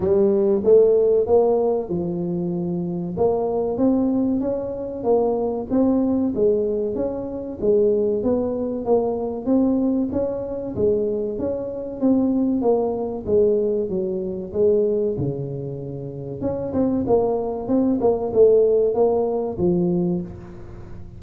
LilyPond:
\new Staff \with { instrumentName = "tuba" } { \time 4/4 \tempo 4 = 95 g4 a4 ais4 f4~ | f4 ais4 c'4 cis'4 | ais4 c'4 gis4 cis'4 | gis4 b4 ais4 c'4 |
cis'4 gis4 cis'4 c'4 | ais4 gis4 fis4 gis4 | cis2 cis'8 c'8 ais4 | c'8 ais8 a4 ais4 f4 | }